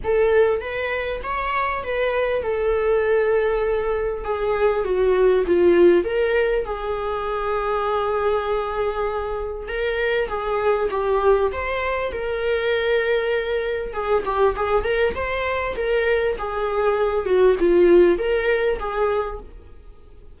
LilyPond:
\new Staff \with { instrumentName = "viola" } { \time 4/4 \tempo 4 = 99 a'4 b'4 cis''4 b'4 | a'2. gis'4 | fis'4 f'4 ais'4 gis'4~ | gis'1 |
ais'4 gis'4 g'4 c''4 | ais'2. gis'8 g'8 | gis'8 ais'8 c''4 ais'4 gis'4~ | gis'8 fis'8 f'4 ais'4 gis'4 | }